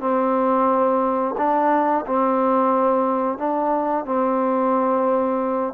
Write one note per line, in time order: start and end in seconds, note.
0.00 1.35 C4
1.38 2.05 D4
2.06 3.38 C4
3.38 4.05 D4
4.05 5.73 C4